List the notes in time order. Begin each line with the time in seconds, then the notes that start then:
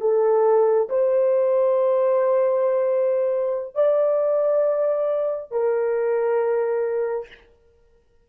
0.00 A4
0.89 C5
3.74 D5
5.51 A#4